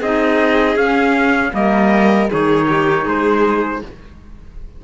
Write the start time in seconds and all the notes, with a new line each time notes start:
0.00 C4 D#4 G#4 D#5
0.76 C#4 F5
1.51 G3 A#3 A#4 D#5
2.29 D#3 D#4 G#4 C#5
2.68 G4
3.04 G#3 G#4 C5